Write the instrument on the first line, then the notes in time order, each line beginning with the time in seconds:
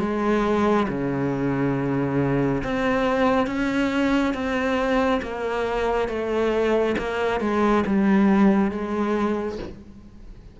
cello
0.00 G#3
0.89 C#3
2.64 C4
3.47 C#4
4.34 C4
5.23 A#3
6.09 A3
6.98 A#3
7.41 G#3
7.87 G3
8.72 G#3